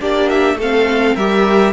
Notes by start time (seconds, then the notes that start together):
0.00 A#3 D4 G4 D5
0.29 E5
0.54 A3 A4
0.62 C4 F5
1.15 G3 G4 A#4 E5